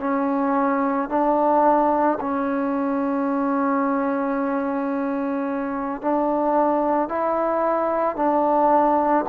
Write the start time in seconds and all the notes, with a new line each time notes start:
0.00 C#4
1.10 D4
2.21 C#4
6.01 D4
7.09 E4
8.16 D4